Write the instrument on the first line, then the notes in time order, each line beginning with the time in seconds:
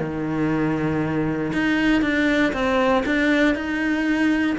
cello
0.00 D#3
1.53 D#4
2.02 D4
2.53 C4
3.06 D4
3.55 D#4